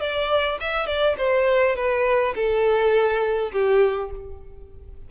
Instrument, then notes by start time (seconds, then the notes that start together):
violin
0.00 D5
0.60 E5
0.87 D5
1.18 C5
1.76 B4
2.35 A4
3.52 G4